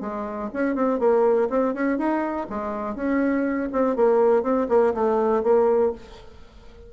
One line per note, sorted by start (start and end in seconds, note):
0.00 0.49 G#3
0.53 0.75 C#4
0.75 0.99 C4
0.99 1.48 A#3
1.49 1.74 C4
1.74 1.97 C#4
1.97 2.47 D#4
2.49 2.95 G#3
2.95 3.68 C#4
3.72 3.96 C4
3.96 4.42 A#3
4.42 4.67 C4
4.69 4.93 A#3
4.94 5.43 A3
5.43 5.92 A#3